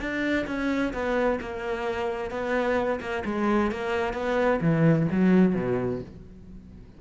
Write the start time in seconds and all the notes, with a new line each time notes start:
0.00 D4
0.47 C#4
0.94 B3
1.41 A#3
2.31 B3
3.01 A#3
3.25 G#3
3.72 A#3
4.14 B3
4.61 E3
5.12 F#3
5.55 B2